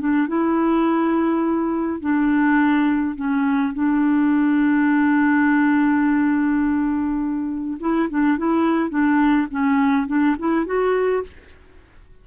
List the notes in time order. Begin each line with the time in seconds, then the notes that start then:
0.00 D4
0.28 E4
2.01 D4
3.16 C#4
3.74 D4
7.80 E4
8.10 D4
8.38 E4
8.90 D4
9.51 C#4
10.08 D4
10.39 E4
10.66 F#4